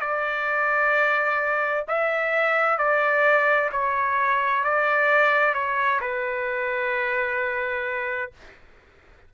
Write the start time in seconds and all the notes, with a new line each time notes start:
0.00 D5
1.88 E5
2.78 D5
3.72 C#5
4.64 D5
5.54 C#5
6.01 B4